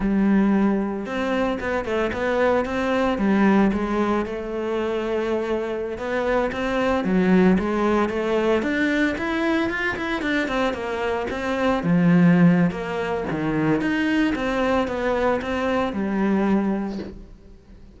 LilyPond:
\new Staff \with { instrumentName = "cello" } { \time 4/4 \tempo 4 = 113 g2 c'4 b8 a8 | b4 c'4 g4 gis4 | a2.~ a16 b8.~ | b16 c'4 fis4 gis4 a8.~ |
a16 d'4 e'4 f'8 e'8 d'8 c'16~ | c'16 ais4 c'4 f4.~ f16 | ais4 dis4 dis'4 c'4 | b4 c'4 g2 | }